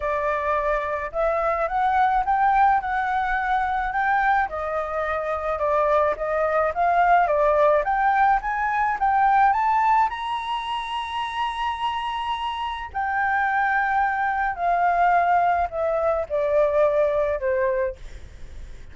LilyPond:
\new Staff \with { instrumentName = "flute" } { \time 4/4 \tempo 4 = 107 d''2 e''4 fis''4 | g''4 fis''2 g''4 | dis''2 d''4 dis''4 | f''4 d''4 g''4 gis''4 |
g''4 a''4 ais''2~ | ais''2. g''4~ | g''2 f''2 | e''4 d''2 c''4 | }